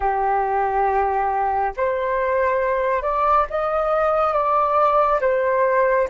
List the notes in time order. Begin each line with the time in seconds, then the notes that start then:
0.00 G4
1.76 C5
3.02 D5
3.49 D#5
4.33 D5
5.21 C5